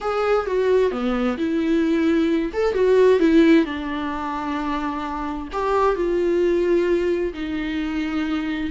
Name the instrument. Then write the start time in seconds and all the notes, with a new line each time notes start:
viola
0.00 G#4
0.46 F#4
0.91 B3
1.37 E4
2.53 A4
2.74 F#4
3.19 E4
3.65 D4
5.52 G4
5.95 F4
7.33 D#4